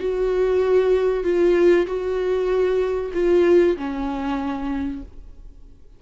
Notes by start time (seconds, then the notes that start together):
0.00 F#4
1.24 F4
1.87 F#4
3.14 F4
3.77 C#4